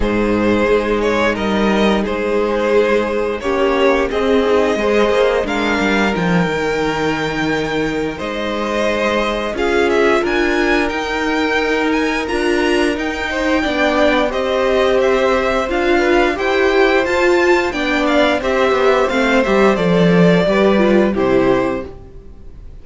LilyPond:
<<
  \new Staff \with { instrumentName = "violin" } { \time 4/4 \tempo 4 = 88 c''4. cis''8 dis''4 c''4~ | c''4 cis''4 dis''2 | f''4 g''2. | dis''2 f''8 e''8 gis''4 |
g''4. gis''8 ais''4 g''4~ | g''4 dis''4 e''4 f''4 | g''4 a''4 g''8 f''8 e''4 | f''8 e''8 d''2 c''4 | }
  \new Staff \with { instrumentName = "violin" } { \time 4/4 gis'2 ais'4 gis'4~ | gis'4 g'4 gis'4 c''4 | ais'1 | c''2 gis'4 ais'4~ |
ais'2.~ ais'8 c''8 | d''4 c''2~ c''8 b'8 | c''2 d''4 c''4~ | c''2 b'4 g'4 | }
  \new Staff \with { instrumentName = "viola" } { \time 4/4 dis'1~ | dis'4 cis'4 c'8 dis'8 gis'4 | d'4 dis'2.~ | dis'2 f'2 |
dis'2 f'4 dis'4 | d'4 g'2 f'4 | g'4 f'4 d'4 g'4 | c'8 g'8 a'4 g'8 f'8 e'4 | }
  \new Staff \with { instrumentName = "cello" } { \time 4/4 gis,4 gis4 g4 gis4~ | gis4 ais4 c'4 gis8 ais8 | gis8 g8 f8 dis2~ dis8 | gis2 cis'4 d'4 |
dis'2 d'4 dis'4 | b4 c'2 d'4 | e'4 f'4 b4 c'8 b8 | a8 g8 f4 g4 c4 | }
>>